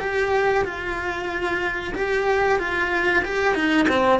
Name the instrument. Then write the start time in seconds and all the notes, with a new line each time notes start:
cello
0.00 G4
0.65 F4
1.94 G4
2.59 F4
3.25 G4
3.55 D#4
3.89 C4